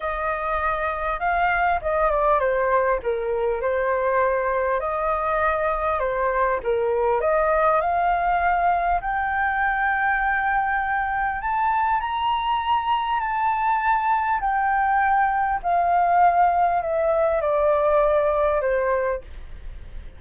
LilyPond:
\new Staff \with { instrumentName = "flute" } { \time 4/4 \tempo 4 = 100 dis''2 f''4 dis''8 d''8 | c''4 ais'4 c''2 | dis''2 c''4 ais'4 | dis''4 f''2 g''4~ |
g''2. a''4 | ais''2 a''2 | g''2 f''2 | e''4 d''2 c''4 | }